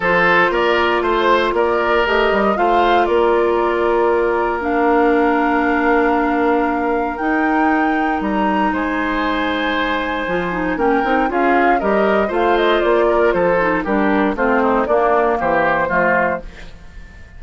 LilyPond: <<
  \new Staff \with { instrumentName = "flute" } { \time 4/4 \tempo 4 = 117 c''4 d''4 c''4 d''4 | dis''4 f''4 d''2~ | d''4 f''2.~ | f''2 g''2 |
ais''4 gis''2.~ | gis''4 g''4 f''4 dis''4 | f''8 dis''8 d''4 c''4 ais'4 | c''4 d''4 c''2 | }
  \new Staff \with { instrumentName = "oboe" } { \time 4/4 a'4 ais'4 c''4 ais'4~ | ais'4 c''4 ais'2~ | ais'1~ | ais'1~ |
ais'4 c''2.~ | c''4 ais'4 gis'4 ais'4 | c''4. ais'8 a'4 g'4 | f'8 dis'8 d'4 g'4 f'4 | }
  \new Staff \with { instrumentName = "clarinet" } { \time 4/4 f'1 | g'4 f'2.~ | f'4 d'2.~ | d'2 dis'2~ |
dis'1 | f'8 dis'8 cis'8 dis'8 f'4 g'4 | f'2~ f'8 dis'8 d'4 | c'4 ais2 a4 | }
  \new Staff \with { instrumentName = "bassoon" } { \time 4/4 f4 ais4 a4 ais4 | a8 g8 a4 ais2~ | ais1~ | ais2 dis'2 |
g4 gis2. | f4 ais8 c'8 cis'4 g4 | a4 ais4 f4 g4 | a4 ais4 e4 f4 | }
>>